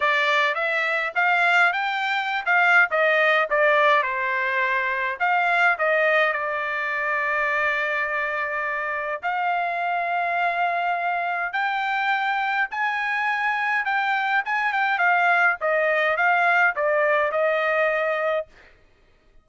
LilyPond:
\new Staff \with { instrumentName = "trumpet" } { \time 4/4 \tempo 4 = 104 d''4 e''4 f''4 g''4~ | g''16 f''8. dis''4 d''4 c''4~ | c''4 f''4 dis''4 d''4~ | d''1 |
f''1 | g''2 gis''2 | g''4 gis''8 g''8 f''4 dis''4 | f''4 d''4 dis''2 | }